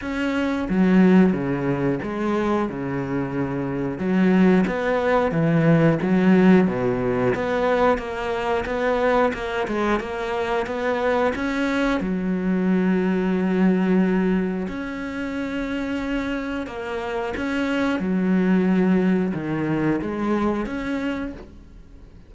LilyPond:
\new Staff \with { instrumentName = "cello" } { \time 4/4 \tempo 4 = 90 cis'4 fis4 cis4 gis4 | cis2 fis4 b4 | e4 fis4 b,4 b4 | ais4 b4 ais8 gis8 ais4 |
b4 cis'4 fis2~ | fis2 cis'2~ | cis'4 ais4 cis'4 fis4~ | fis4 dis4 gis4 cis'4 | }